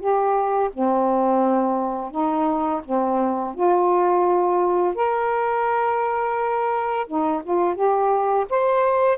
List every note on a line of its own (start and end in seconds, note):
0.00 0.71 G4
0.74 2.11 C4
2.11 2.82 D#4
2.85 3.55 C4
3.55 4.95 F4
4.95 7.07 A#4
7.07 7.42 D#4
7.44 7.76 F4
7.76 8.46 G4
8.50 9.18 C5